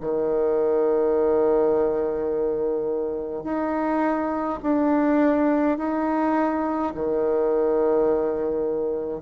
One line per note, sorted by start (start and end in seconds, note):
0.00 3.44 D#3
3.44 4.59 D#4
4.62 5.77 D4
5.77 6.93 D#4
6.94 9.22 D#3